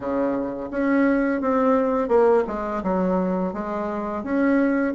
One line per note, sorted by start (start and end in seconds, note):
0.00 0.69 C#3
0.71 1.41 C#4
1.41 2.08 C4
2.08 2.44 A#3
2.47 2.82 G#3
2.83 3.53 F#3
3.53 4.23 G#3
4.23 4.94 C#4